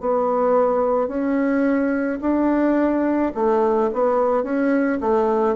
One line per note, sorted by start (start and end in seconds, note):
0.00 1.08 B3
1.08 2.19 C#4
2.21 3.32 D4
3.35 3.90 A3
3.93 4.43 B3
4.43 4.99 C#4
5.01 5.56 A3